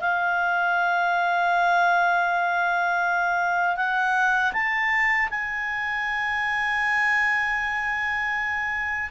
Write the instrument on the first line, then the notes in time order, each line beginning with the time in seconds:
clarinet
0.00 F5
3.76 F#5
4.53 A5
5.30 G#5